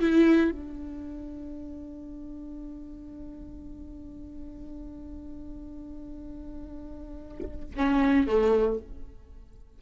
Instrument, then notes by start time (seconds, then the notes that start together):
viola
0.00 E4
0.51 D4
7.75 C#4
8.27 A3